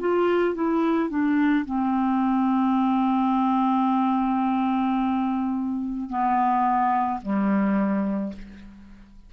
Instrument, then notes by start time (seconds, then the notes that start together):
clarinet
0.00 F4
0.55 E4
1.10 D4
1.66 C4
6.10 B3
7.22 G3